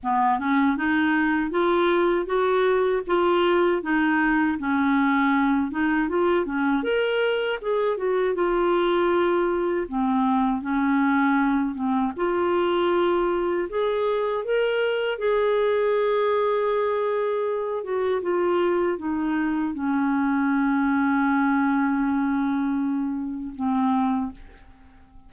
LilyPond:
\new Staff \with { instrumentName = "clarinet" } { \time 4/4 \tempo 4 = 79 b8 cis'8 dis'4 f'4 fis'4 | f'4 dis'4 cis'4. dis'8 | f'8 cis'8 ais'4 gis'8 fis'8 f'4~ | f'4 c'4 cis'4. c'8 |
f'2 gis'4 ais'4 | gis'2.~ gis'8 fis'8 | f'4 dis'4 cis'2~ | cis'2. c'4 | }